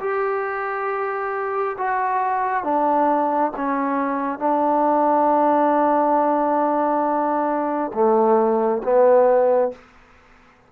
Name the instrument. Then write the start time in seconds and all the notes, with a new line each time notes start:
trombone
0.00 G4
1.78 F#4
2.64 D4
3.56 C#4
4.39 D4
7.94 A3
8.83 B3